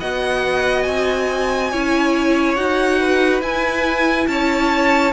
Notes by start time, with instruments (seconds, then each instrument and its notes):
0.00 cello B3, viola F#4, violin D#5 F#5
0.83 cello C4, violin G#5
1.72 cello C#4, viola E4, violin C#5
2.56 cello D#4, viola F#4, violin F#5
3.00 violin B4
3.41 cello E4, viola E4, violin G#5
4.28 cello C#4, violin C#5 A5